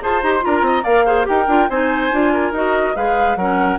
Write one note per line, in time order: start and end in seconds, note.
0.00 0.23 F4
0.00 0.21 G#4
0.00 0.44 C5
0.00 0.22 A5
0.22 0.44 D#4
0.22 0.40 G4
0.22 0.32 A#5
0.35 0.82 F4
0.35 0.45 C6
0.45 0.61 D4
0.45 0.66 A#4
0.45 0.84 A#5
0.61 0.82 C4
0.61 0.83 D#5
0.83 1.27 A#3
0.83 1.06 A#4
0.83 1.04 D5
0.83 1.26 F5
1.05 1.24 G#4
1.05 1.26 C5
1.24 1.47 D#4
1.24 1.45 G4
1.24 1.69 A#4
1.24 1.70 G5
1.47 1.68 D4
1.47 1.69 F4
1.69 2.11 C4
1.69 2.11 D#4
1.69 2.32 C5
1.69 2.54 G#5
2.11 2.52 D4
2.11 2.53 F4
2.33 2.96 A#4
2.52 2.94 D#4
2.52 2.95 F#4
2.52 2.96 D#5
2.95 3.36 G#3
2.95 3.37 G#4
2.95 3.38 B4
2.95 3.36 F5
3.36 3.78 F#3
3.36 3.79 C#4
3.36 3.79 A#4
3.36 3.78 F#5